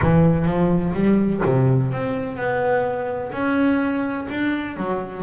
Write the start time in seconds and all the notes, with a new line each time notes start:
0.01 E3
0.45 F3
0.93 G3
1.45 C3
1.92 C4
2.36 B3
3.32 C#4
4.29 D4
4.77 F#3